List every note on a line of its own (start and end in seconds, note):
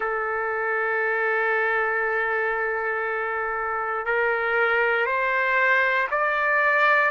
0.00 4.05 A4
4.05 5.06 A#4
5.06 6.07 C5
6.10 7.10 D5